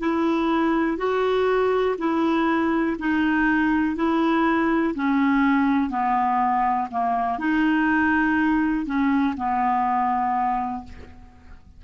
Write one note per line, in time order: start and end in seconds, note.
0.00 0.98 E4
0.98 1.96 F#4
1.99 2.97 E4
3.00 3.96 D#4
3.96 4.94 E4
4.95 5.90 C#4
5.90 6.89 B3
6.91 7.39 A#3
7.39 8.86 D#4
8.86 9.35 C#4
9.37 10.84 B3